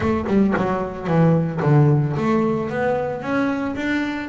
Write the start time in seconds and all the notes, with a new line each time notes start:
0.00 A3
0.27 G3
0.56 F#3
1.07 E3
1.62 D3
2.16 A3
2.69 B3
3.21 C#4
3.75 D4